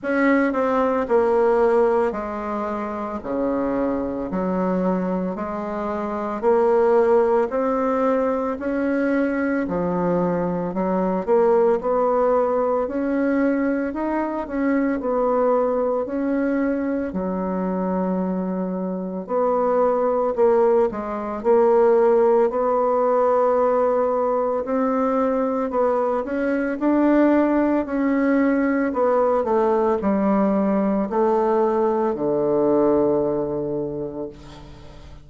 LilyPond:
\new Staff \with { instrumentName = "bassoon" } { \time 4/4 \tempo 4 = 56 cis'8 c'8 ais4 gis4 cis4 | fis4 gis4 ais4 c'4 | cis'4 f4 fis8 ais8 b4 | cis'4 dis'8 cis'8 b4 cis'4 |
fis2 b4 ais8 gis8 | ais4 b2 c'4 | b8 cis'8 d'4 cis'4 b8 a8 | g4 a4 d2 | }